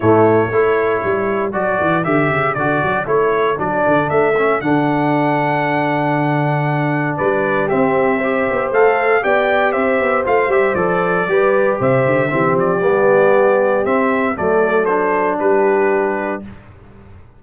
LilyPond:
<<
  \new Staff \with { instrumentName = "trumpet" } { \time 4/4 \tempo 4 = 117 cis''2. d''4 | e''4 d''4 cis''4 d''4 | e''4 fis''2.~ | fis''2 d''4 e''4~ |
e''4 f''4 g''4 e''4 | f''8 e''8 d''2 e''4~ | e''8 d''2~ d''8 e''4 | d''4 c''4 b'2 | }
  \new Staff \with { instrumentName = "horn" } { \time 4/4 e'4 a'2.~ | a'1~ | a'1~ | a'2 b'4 g'4 |
c''2 d''4 c''4~ | c''2 b'4 c''4 | g'1 | a'2 g'2 | }
  \new Staff \with { instrumentName = "trombone" } { \time 4/4 a4 e'2 fis'4 | g'4 fis'4 e'4 d'4~ | d'8 cis'8 d'2.~ | d'2. c'4 |
g'4 a'4 g'2 | f'8 g'8 a'4 g'2 | c'4 b2 c'4 | a4 d'2. | }
  \new Staff \with { instrumentName = "tuba" } { \time 4/4 a,4 a4 g4 fis8 e8 | d8 cis8 d8 fis8 a4 fis8 d8 | a4 d2.~ | d2 g4 c'4~ |
c'8 b8 a4 b4 c'8 b8 | a8 g8 f4 g4 c8 d8 | e8 f8 g2 c'4 | fis2 g2 | }
>>